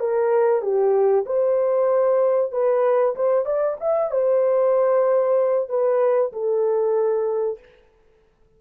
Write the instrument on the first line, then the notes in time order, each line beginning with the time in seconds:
horn
0.00 A#4
0.62 G4
1.26 C5
2.52 B4
3.16 C5
3.45 D5
3.80 E5
4.11 C5
5.69 B4
6.32 A4